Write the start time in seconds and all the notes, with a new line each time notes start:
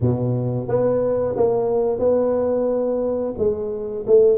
0.00 B2
0.68 B3
1.36 A#3
1.99 B3
3.38 G#3
4.06 A3